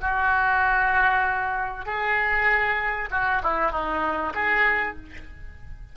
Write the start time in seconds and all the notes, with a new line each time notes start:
0.00 F#4
1.85 G#4
3.11 F#4
3.42 E4
3.71 D#4
4.34 G#4